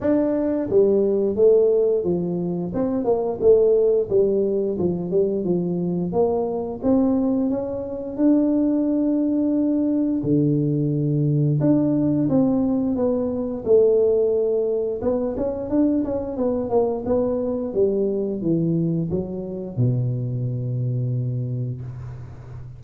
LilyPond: \new Staff \with { instrumentName = "tuba" } { \time 4/4 \tempo 4 = 88 d'4 g4 a4 f4 | c'8 ais8 a4 g4 f8 g8 | f4 ais4 c'4 cis'4 | d'2. d4~ |
d4 d'4 c'4 b4 | a2 b8 cis'8 d'8 cis'8 | b8 ais8 b4 g4 e4 | fis4 b,2. | }